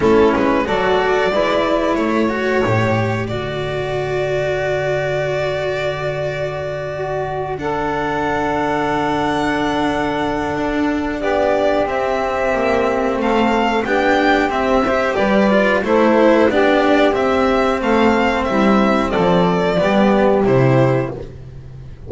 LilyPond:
<<
  \new Staff \with { instrumentName = "violin" } { \time 4/4 \tempo 4 = 91 a'8 b'8 d''2 cis''4~ | cis''4 d''2.~ | d''2.~ d''8 fis''8~ | fis''1~ |
fis''4 d''4 e''2 | f''4 g''4 e''4 d''4 | c''4 d''4 e''4 f''4 | e''4 d''2 c''4 | }
  \new Staff \with { instrumentName = "saxophone" } { \time 4/4 e'4 a'4 b'4 a'4~ | a'1~ | a'2~ a'8 fis'4 a'8~ | a'1~ |
a'4 g'2. | a'4 g'4. c''8 b'4 | a'4 g'2 a'4 | e'4 a'4 g'2 | }
  \new Staff \with { instrumentName = "cello" } { \time 4/4 cis'4 fis'4 e'4. fis'8 | g'4 fis'2.~ | fis'2.~ fis'8 d'8~ | d'1~ |
d'2 c'2~ | c'4 d'4 c'8 g'4 f'8 | e'4 d'4 c'2~ | c'2 b4 e'4 | }
  \new Staff \with { instrumentName = "double bass" } { \time 4/4 a8 gis8 fis4 gis4 a4 | a,4 d2.~ | d1~ | d1 |
d'4 b4 c'4 ais4 | a4 b4 c'4 g4 | a4 b4 c'4 a4 | g4 f4 g4 c4 | }
>>